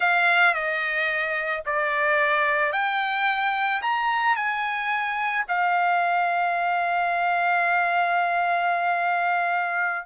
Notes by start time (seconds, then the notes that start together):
0.00 F5
0.54 D#5
1.65 D5
2.72 G5
3.82 A#5
4.36 G#5
5.48 F5